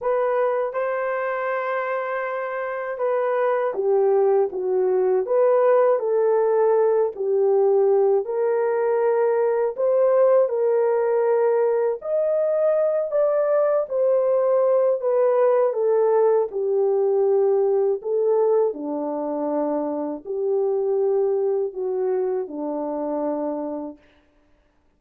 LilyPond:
\new Staff \with { instrumentName = "horn" } { \time 4/4 \tempo 4 = 80 b'4 c''2. | b'4 g'4 fis'4 b'4 | a'4. g'4. ais'4~ | ais'4 c''4 ais'2 |
dis''4. d''4 c''4. | b'4 a'4 g'2 | a'4 d'2 g'4~ | g'4 fis'4 d'2 | }